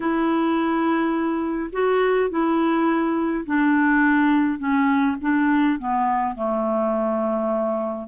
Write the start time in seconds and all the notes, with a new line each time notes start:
0.00 E4
1.72 F#4
2.29 E4
3.46 D4
4.58 C#4
5.21 D4
5.78 B3
6.35 A3